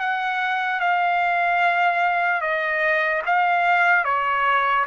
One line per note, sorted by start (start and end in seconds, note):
0.00 0.80 F#5
0.80 2.41 F5
2.41 3.22 D#5
3.26 4.05 F5
4.05 4.86 C#5